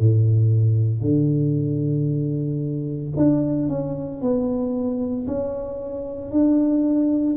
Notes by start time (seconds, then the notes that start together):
0.00 A2
1.01 D3
3.17 D4
3.69 C#4
4.22 B3
5.27 C#4
6.32 D4